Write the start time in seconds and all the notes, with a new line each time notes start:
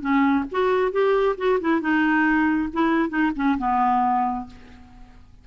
0.00 C#4
0.51 F#4
0.91 G4
1.37 F#4
1.60 E4
1.80 D#4
2.73 E4
3.09 D#4
3.35 C#4
3.58 B3